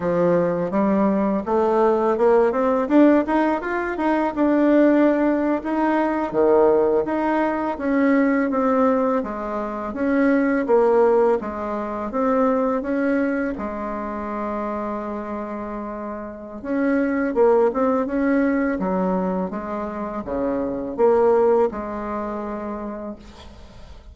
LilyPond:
\new Staff \with { instrumentName = "bassoon" } { \time 4/4 \tempo 4 = 83 f4 g4 a4 ais8 c'8 | d'8 dis'8 f'8 dis'8 d'4.~ d'16 dis'16~ | dis'8. dis4 dis'4 cis'4 c'16~ | c'8. gis4 cis'4 ais4 gis16~ |
gis8. c'4 cis'4 gis4~ gis16~ | gis2. cis'4 | ais8 c'8 cis'4 fis4 gis4 | cis4 ais4 gis2 | }